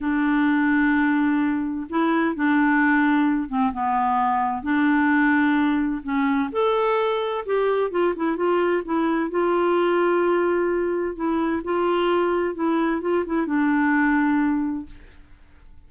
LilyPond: \new Staff \with { instrumentName = "clarinet" } { \time 4/4 \tempo 4 = 129 d'1 | e'4 d'2~ d'8 c'8 | b2 d'2~ | d'4 cis'4 a'2 |
g'4 f'8 e'8 f'4 e'4 | f'1 | e'4 f'2 e'4 | f'8 e'8 d'2. | }